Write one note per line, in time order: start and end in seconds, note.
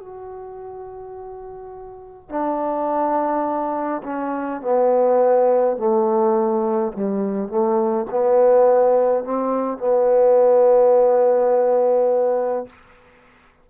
0.00 2.30 F#4
2.30 4.03 D4
4.04 4.62 C#4
4.62 5.77 B3
5.77 6.93 A3
6.93 7.49 G3
7.49 8.07 A3
8.11 9.25 B3
9.25 9.78 C4
9.78 12.67 B3